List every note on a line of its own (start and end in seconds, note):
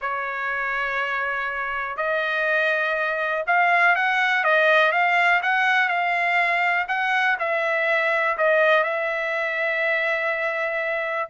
0.01 1.96 C#5
1.96 3.44 D#5
3.46 3.95 F5
3.95 4.44 F#5
4.44 4.92 D#5
4.92 5.41 F5
5.42 5.88 F#5
5.88 6.86 F5
6.87 7.37 F#5
7.39 8.37 E5
8.37 8.83 D#5
8.83 11.29 E5